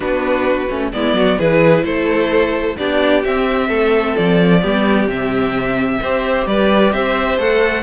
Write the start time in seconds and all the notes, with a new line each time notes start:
0.00 B3 D4 F#4 B4
0.69 A3 C#4
0.93 G#3 B3 E4 D5
1.13 F#3 F#4
1.37 E3 E4 G#4 B4
1.84 A3 A4 C5
2.77 B3 D4 G4 D5
3.23 C4 E5
3.68 A3 A4
4.16 F3 D5
4.61 G3 B3 G4
5.07 C3 C4 E5
6.00 C4 G4 C5
6.46 G3 B4 D5
6.92 C4 C5 E5
7.38 A3 A4 F#5